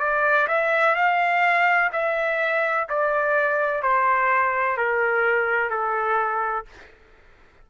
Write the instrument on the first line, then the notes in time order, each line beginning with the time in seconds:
trumpet
0.00 D5
0.48 E5
0.95 F5
1.93 E5
2.90 D5
3.83 C5
4.77 A#4
5.71 A4